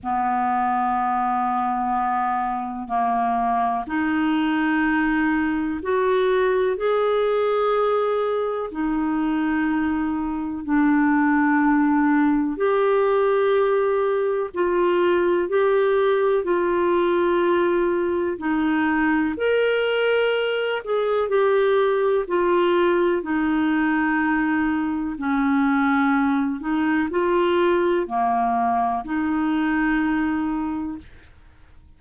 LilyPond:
\new Staff \with { instrumentName = "clarinet" } { \time 4/4 \tempo 4 = 62 b2. ais4 | dis'2 fis'4 gis'4~ | gis'4 dis'2 d'4~ | d'4 g'2 f'4 |
g'4 f'2 dis'4 | ais'4. gis'8 g'4 f'4 | dis'2 cis'4. dis'8 | f'4 ais4 dis'2 | }